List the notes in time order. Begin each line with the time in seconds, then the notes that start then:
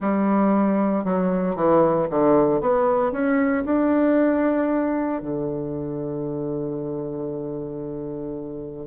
0.00 G3
1.04 F#3
1.55 E3
2.10 D3
2.60 B3
3.11 C#4
3.65 D4
5.22 D3